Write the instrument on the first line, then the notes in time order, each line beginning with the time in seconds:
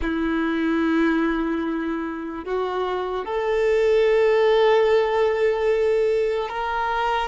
violin
0.01 E4
2.44 F#4
3.25 A4
6.48 A#4